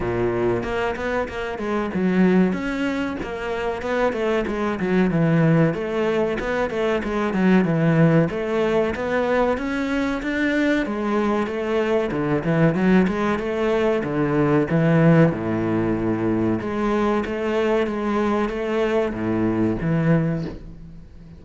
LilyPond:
\new Staff \with { instrumentName = "cello" } { \time 4/4 \tempo 4 = 94 ais,4 ais8 b8 ais8 gis8 fis4 | cis'4 ais4 b8 a8 gis8 fis8 | e4 a4 b8 a8 gis8 fis8 | e4 a4 b4 cis'4 |
d'4 gis4 a4 d8 e8 | fis8 gis8 a4 d4 e4 | a,2 gis4 a4 | gis4 a4 a,4 e4 | }